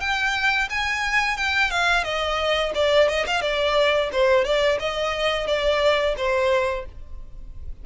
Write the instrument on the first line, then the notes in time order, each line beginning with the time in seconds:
violin
0.00 G5
0.69 G#5
1.37 G5
1.70 F5
2.04 D#5
2.74 D5
3.08 D#5
3.26 F5
3.41 D5
4.12 C5
4.44 D5
4.79 D#5
5.47 D5
6.17 C5